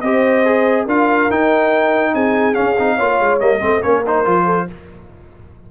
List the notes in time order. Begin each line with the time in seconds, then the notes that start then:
0.00 C4 G4 C5 D#5
0.45 G#4
0.84 D4 F4 A#4 F5
1.29 D#4 G5
2.13 C4 G#4 G#5
2.54 C#4 F5
2.78 C4 D#4
2.95 A#3 F4 C#5
3.19 G#3
3.39 G3 A#3 D#5
3.60 A3 C4 C5
3.81 A#3 C#4 A#4 C#5
4.06 D#4 C5
4.24 F3 F4
4.45 A4